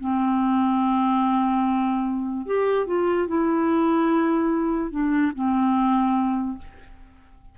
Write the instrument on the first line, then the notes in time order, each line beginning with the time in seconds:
clarinet
0.00 C4
2.46 G4
2.87 F4
3.28 E4
4.91 D4
5.35 C4